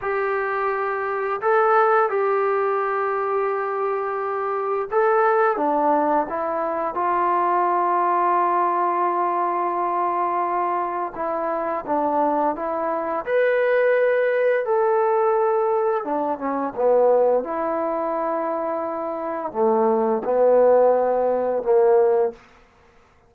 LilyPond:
\new Staff \with { instrumentName = "trombone" } { \time 4/4 \tempo 4 = 86 g'2 a'4 g'4~ | g'2. a'4 | d'4 e'4 f'2~ | f'1 |
e'4 d'4 e'4 b'4~ | b'4 a'2 d'8 cis'8 | b4 e'2. | a4 b2 ais4 | }